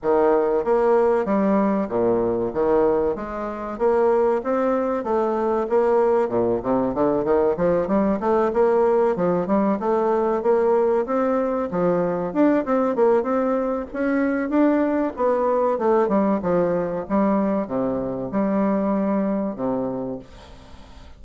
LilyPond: \new Staff \with { instrumentName = "bassoon" } { \time 4/4 \tempo 4 = 95 dis4 ais4 g4 ais,4 | dis4 gis4 ais4 c'4 | a4 ais4 ais,8 c8 d8 dis8 | f8 g8 a8 ais4 f8 g8 a8~ |
a8 ais4 c'4 f4 d'8 | c'8 ais8 c'4 cis'4 d'4 | b4 a8 g8 f4 g4 | c4 g2 c4 | }